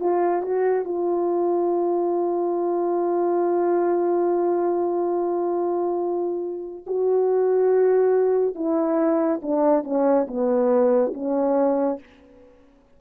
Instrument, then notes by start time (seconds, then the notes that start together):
horn
0.00 F4
0.42 F#4
0.85 F4
6.87 F#4
8.55 E4
9.42 D4
9.84 C#4
10.27 B3
11.14 C#4